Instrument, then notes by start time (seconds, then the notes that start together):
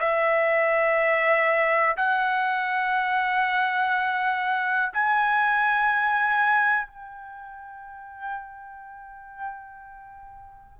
trumpet
0.00 E5
1.97 F#5
4.94 G#5
6.88 G5